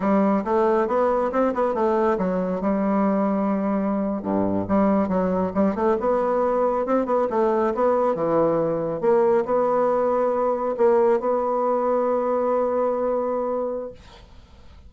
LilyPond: \new Staff \with { instrumentName = "bassoon" } { \time 4/4 \tempo 4 = 138 g4 a4 b4 c'8 b8 | a4 fis4 g2~ | g4.~ g16 g,4 g4 fis16~ | fis8. g8 a8 b2 c'16~ |
c'16 b8 a4 b4 e4~ e16~ | e8. ais4 b2~ b16~ | b8. ais4 b2~ b16~ | b1 | }